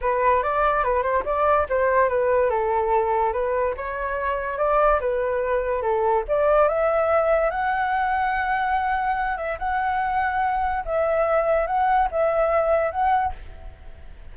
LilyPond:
\new Staff \with { instrumentName = "flute" } { \time 4/4 \tempo 4 = 144 b'4 d''4 b'8 c''8 d''4 | c''4 b'4 a'2 | b'4 cis''2 d''4 | b'2 a'4 d''4 |
e''2 fis''2~ | fis''2~ fis''8 e''8 fis''4~ | fis''2 e''2 | fis''4 e''2 fis''4 | }